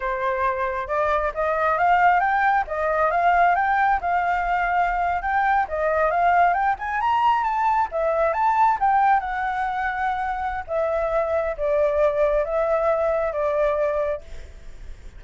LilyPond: \new Staff \with { instrumentName = "flute" } { \time 4/4 \tempo 4 = 135 c''2 d''4 dis''4 | f''4 g''4 dis''4 f''4 | g''4 f''2~ f''8. g''16~ | g''8. dis''4 f''4 g''8 gis''8 ais''16~ |
ais''8. a''4 e''4 a''4 g''16~ | g''8. fis''2.~ fis''16 | e''2 d''2 | e''2 d''2 | }